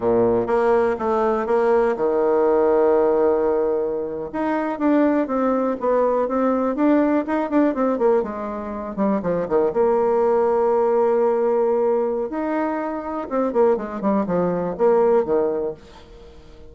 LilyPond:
\new Staff \with { instrumentName = "bassoon" } { \time 4/4 \tempo 4 = 122 ais,4 ais4 a4 ais4 | dis1~ | dis8. dis'4 d'4 c'4 b16~ | b8. c'4 d'4 dis'8 d'8 c'16~ |
c'16 ais8 gis4. g8 f8 dis8 ais16~ | ais1~ | ais4 dis'2 c'8 ais8 | gis8 g8 f4 ais4 dis4 | }